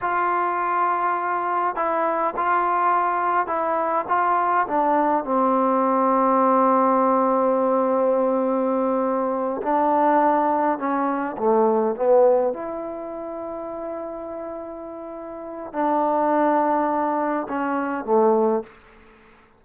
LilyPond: \new Staff \with { instrumentName = "trombone" } { \time 4/4 \tempo 4 = 103 f'2. e'4 | f'2 e'4 f'4 | d'4 c'2.~ | c'1~ |
c'8 d'2 cis'4 a8~ | a8 b4 e'2~ e'8~ | e'2. d'4~ | d'2 cis'4 a4 | }